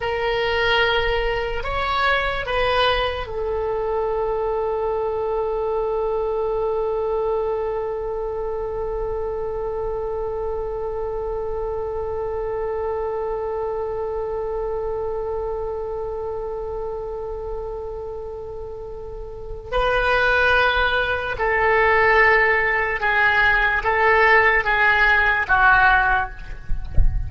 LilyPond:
\new Staff \with { instrumentName = "oboe" } { \time 4/4 \tempo 4 = 73 ais'2 cis''4 b'4 | a'1~ | a'1~ | a'1~ |
a'1~ | a'1 | b'2 a'2 | gis'4 a'4 gis'4 fis'4 | }